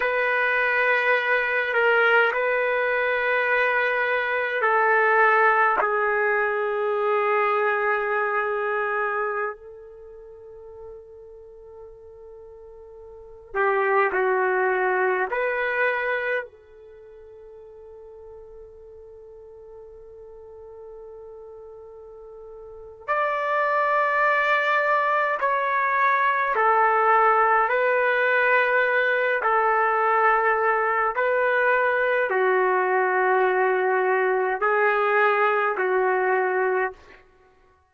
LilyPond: \new Staff \with { instrumentName = "trumpet" } { \time 4/4 \tempo 4 = 52 b'4. ais'8 b'2 | a'4 gis'2.~ | gis'16 a'2.~ a'8 g'16~ | g'16 fis'4 b'4 a'4.~ a'16~ |
a'1 | d''2 cis''4 a'4 | b'4. a'4. b'4 | fis'2 gis'4 fis'4 | }